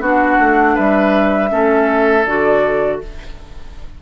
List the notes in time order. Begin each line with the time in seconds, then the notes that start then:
0.00 B3 D4 F#4 F#5
0.40 A3
0.75 G3 B4 E5
1.49 A3 C#4 A4
2.26 D3 F#4 D5